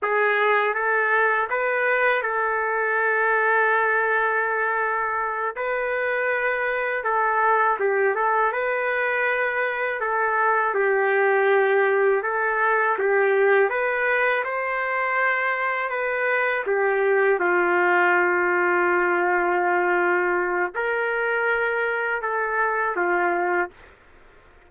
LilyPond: \new Staff \with { instrumentName = "trumpet" } { \time 4/4 \tempo 4 = 81 gis'4 a'4 b'4 a'4~ | a'2.~ a'8 b'8~ | b'4. a'4 g'8 a'8 b'8~ | b'4. a'4 g'4.~ |
g'8 a'4 g'4 b'4 c''8~ | c''4. b'4 g'4 f'8~ | f'1 | ais'2 a'4 f'4 | }